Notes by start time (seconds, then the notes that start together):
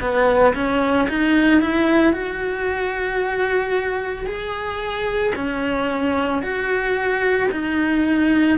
0.00 B3
0.54 C#4
1.09 D#4
1.61 E4
2.12 F#4
4.26 G#4
5.35 C#4
6.42 F#4
7.51 D#4